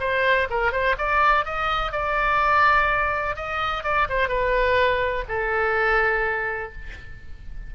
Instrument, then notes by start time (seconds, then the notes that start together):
oboe
0.00 C5
0.50 A#4
0.72 C5
0.98 D5
1.45 D#5
1.92 D5
3.36 D#5
3.83 D5
4.09 C5
4.29 B4
5.28 A4